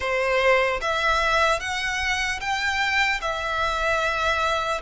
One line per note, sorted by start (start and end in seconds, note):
0.00 0.80 C5
0.81 1.60 E5
1.60 2.40 F#5
2.40 3.20 G5
3.21 4.81 E5